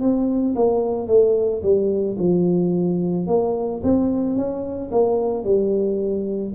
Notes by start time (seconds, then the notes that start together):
0.00 C4
0.55 A#3
1.07 A3
1.62 G3
2.18 F3
3.27 A#3
3.83 C4
4.36 C#4
4.91 A#3
5.44 G3